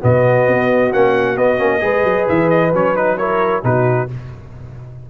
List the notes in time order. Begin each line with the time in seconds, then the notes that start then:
0.00 B2 B3 F#4 D#5
0.47 B3
0.91 A#3 C#4 F#5
1.36 B3 D#5
1.57 A#3 C#4
1.79 G#3 G#4 B4
2.03 F#3
2.28 E3 E5
2.49 D#5
2.72 F#3 C#4 C#5
2.95 D#4 B4
3.17 E4 A#4 C#5
3.62 B2 D#4 F#4 B4